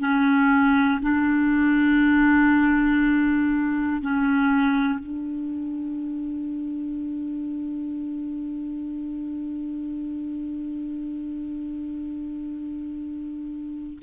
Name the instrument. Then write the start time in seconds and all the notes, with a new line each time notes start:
clarinet
0.00 C#4
1.03 D4
4.02 C#4
5.00 D4